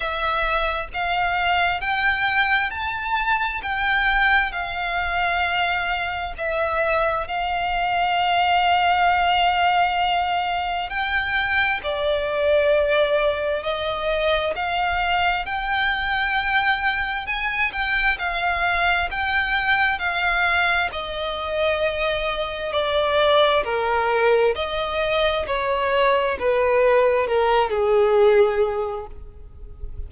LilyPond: \new Staff \with { instrumentName = "violin" } { \time 4/4 \tempo 4 = 66 e''4 f''4 g''4 a''4 | g''4 f''2 e''4 | f''1 | g''4 d''2 dis''4 |
f''4 g''2 gis''8 g''8 | f''4 g''4 f''4 dis''4~ | dis''4 d''4 ais'4 dis''4 | cis''4 b'4 ais'8 gis'4. | }